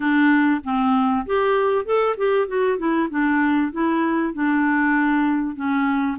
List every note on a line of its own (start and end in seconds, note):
0.00 0.60 D4
0.64 1.25 C4
1.26 1.85 G4
1.85 2.16 A4
2.17 2.47 G4
2.47 2.78 F#4
2.78 3.08 E4
3.10 3.71 D4
3.71 4.33 E4
4.33 5.55 D4
5.55 6.17 C#4